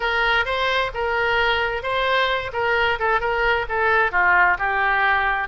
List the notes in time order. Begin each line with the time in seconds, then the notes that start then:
0.00 A#4
0.45 C5
0.93 A#4
1.82 C5
2.53 A#4
2.99 A4
3.20 A#4
3.68 A4
4.11 F4
4.58 G4